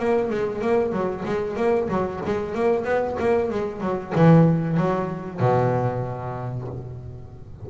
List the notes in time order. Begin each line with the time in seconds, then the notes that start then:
0.00 A#3
0.30 G#3
0.62 A#3
0.93 F#3
1.26 G#3
1.57 A#3
1.89 F#3
2.26 G#3
2.55 A#3
2.85 B3
3.20 A#3
3.51 G#3
3.81 F#3
4.15 E3
4.78 F#3
5.40 B2